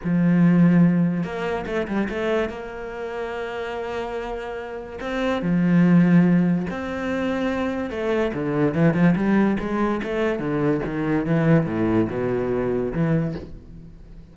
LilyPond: \new Staff \with { instrumentName = "cello" } { \time 4/4 \tempo 4 = 144 f2. ais4 | a8 g8 a4 ais2~ | ais1 | c'4 f2. |
c'2. a4 | d4 e8 f8 g4 gis4 | a4 d4 dis4 e4 | a,4 b,2 e4 | }